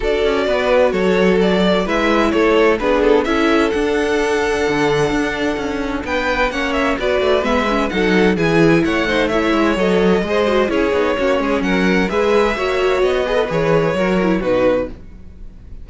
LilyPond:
<<
  \new Staff \with { instrumentName = "violin" } { \time 4/4 \tempo 4 = 129 d''2 cis''4 d''4 | e''4 cis''4 b'8 a'8 e''4 | fis''1~ | fis''4 g''4 fis''8 e''8 d''4 |
e''4 fis''4 gis''4 fis''4 | e''4 dis''2 cis''4~ | cis''4 fis''4 e''2 | dis''4 cis''2 b'4 | }
  \new Staff \with { instrumentName = "violin" } { \time 4/4 a'4 b'4 a'2 | b'4 a'4 gis'4 a'4~ | a'1~ | a'4 b'4 cis''4 b'4~ |
b'4 a'4 gis'4 cis''8 c''8 | cis''2 c''4 gis'4 | fis'8 gis'8 ais'4 b'4 cis''4~ | cis''8 b'4. ais'4 fis'4 | }
  \new Staff \with { instrumentName = "viola" } { \time 4/4 fis'1 | e'2 d'4 e'4 | d'1~ | d'2 cis'4 fis'4 |
b8 cis'8 dis'4 e'4. dis'8 | e'4 a'4 gis'8 fis'8 e'8 dis'8 | cis'2 gis'4 fis'4~ | fis'8 gis'16 a'16 gis'4 fis'8 e'8 dis'4 | }
  \new Staff \with { instrumentName = "cello" } { \time 4/4 d'8 cis'8 b4 fis2 | gis4 a4 b4 cis'4 | d'2 d4 d'4 | cis'4 b4 ais4 b8 a8 |
gis4 fis4 e4 a4~ | a8 gis8 fis4 gis4 cis'8 b8 | ais8 gis8 fis4 gis4 ais4 | b4 e4 fis4 b,4 | }
>>